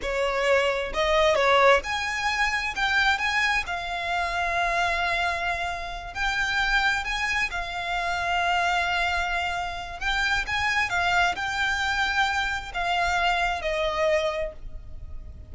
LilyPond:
\new Staff \with { instrumentName = "violin" } { \time 4/4 \tempo 4 = 132 cis''2 dis''4 cis''4 | gis''2 g''4 gis''4 | f''1~ | f''4. g''2 gis''8~ |
gis''8 f''2.~ f''8~ | f''2 g''4 gis''4 | f''4 g''2. | f''2 dis''2 | }